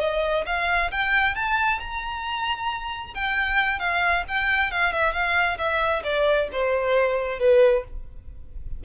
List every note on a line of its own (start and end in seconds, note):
0.00 0.45 D#5
0.46 0.91 F5
0.91 1.36 G5
1.36 1.80 A5
1.80 3.14 A#5
3.15 3.79 G5
3.79 4.24 F5
4.28 4.71 G5
4.71 4.93 F5
4.93 5.13 E5
5.13 5.58 F5
5.58 6.03 E5
6.04 6.49 D5
6.52 7.40 C5
7.40 7.84 B4